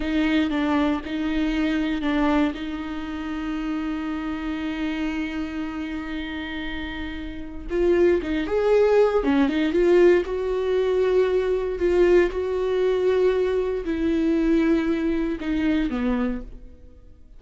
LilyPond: \new Staff \with { instrumentName = "viola" } { \time 4/4 \tempo 4 = 117 dis'4 d'4 dis'2 | d'4 dis'2.~ | dis'1~ | dis'2. f'4 |
dis'8 gis'4. cis'8 dis'8 f'4 | fis'2. f'4 | fis'2. e'4~ | e'2 dis'4 b4 | }